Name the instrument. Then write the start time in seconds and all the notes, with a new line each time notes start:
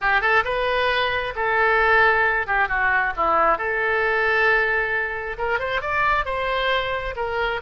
oboe
0.01 G4
0.21 A4
0.44 B4
1.35 A4
2.46 G4
2.68 F#4
3.16 E4
3.58 A4
5.38 A#4
5.59 C5
5.81 D5
6.25 C5
7.16 A#4